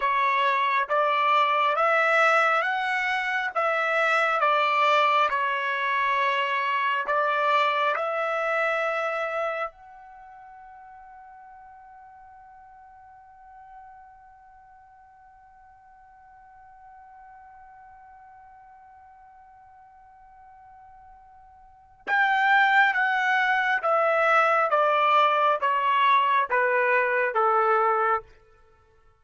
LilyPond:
\new Staff \with { instrumentName = "trumpet" } { \time 4/4 \tempo 4 = 68 cis''4 d''4 e''4 fis''4 | e''4 d''4 cis''2 | d''4 e''2 fis''4~ | fis''1~ |
fis''1~ | fis''1~ | fis''4 g''4 fis''4 e''4 | d''4 cis''4 b'4 a'4 | }